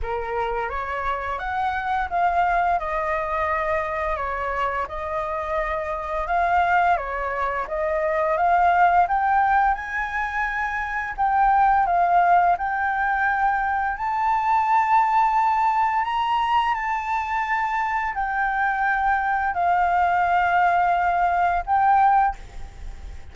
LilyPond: \new Staff \with { instrumentName = "flute" } { \time 4/4 \tempo 4 = 86 ais'4 cis''4 fis''4 f''4 | dis''2 cis''4 dis''4~ | dis''4 f''4 cis''4 dis''4 | f''4 g''4 gis''2 |
g''4 f''4 g''2 | a''2. ais''4 | a''2 g''2 | f''2. g''4 | }